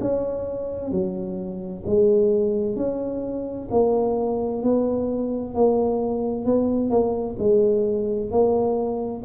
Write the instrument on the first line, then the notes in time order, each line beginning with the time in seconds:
tuba
0.00 C#4
0.91 F#3
1.86 G#3
2.76 C#4
3.70 A#3
4.62 B3
5.54 A#3
6.45 B3
6.90 A#3
7.38 G#3
8.30 A#3